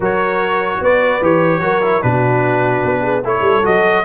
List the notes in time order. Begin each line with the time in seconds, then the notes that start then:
0.00 F#3 F#4 A#4 C#5
0.81 B3 B4 D5
1.21 E3 G4 C#5
1.59 F#3 F#4 A#4
1.82 E4
2.01 B2 D4 F#4 B4
2.84 B3
3.02 G#4
3.24 A3 E4 A4 C#5
3.41 G3
3.63 F#3 F#4 D#5